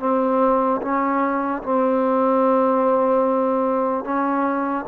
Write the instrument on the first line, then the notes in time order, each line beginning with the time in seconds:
trombone
0.00 C4
0.82 C#4
1.63 C4
4.05 C#4